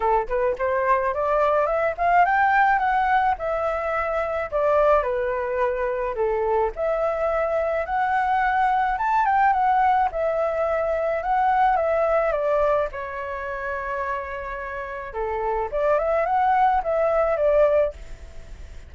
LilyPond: \new Staff \with { instrumentName = "flute" } { \time 4/4 \tempo 4 = 107 a'8 b'8 c''4 d''4 e''8 f''8 | g''4 fis''4 e''2 | d''4 b'2 a'4 | e''2 fis''2 |
a''8 g''8 fis''4 e''2 | fis''4 e''4 d''4 cis''4~ | cis''2. a'4 | d''8 e''8 fis''4 e''4 d''4 | }